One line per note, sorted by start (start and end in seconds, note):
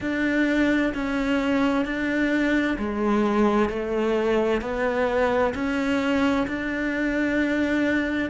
0.00 0.93 D4
0.94 1.85 C#4
1.85 2.77 D4
2.78 3.69 G#3
3.69 4.61 A3
4.61 5.53 B3
5.54 6.46 C#4
6.47 8.30 D4